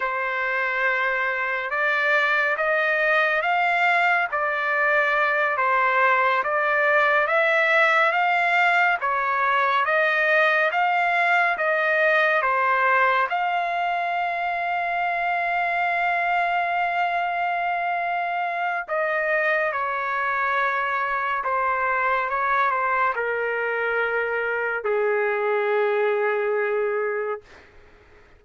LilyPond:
\new Staff \with { instrumentName = "trumpet" } { \time 4/4 \tempo 4 = 70 c''2 d''4 dis''4 | f''4 d''4. c''4 d''8~ | d''8 e''4 f''4 cis''4 dis''8~ | dis''8 f''4 dis''4 c''4 f''8~ |
f''1~ | f''2 dis''4 cis''4~ | cis''4 c''4 cis''8 c''8 ais'4~ | ais'4 gis'2. | }